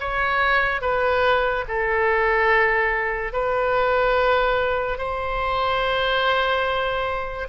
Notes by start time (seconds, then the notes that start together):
0.00 C#5
0.81 B4
1.68 A4
3.33 B4
4.98 C5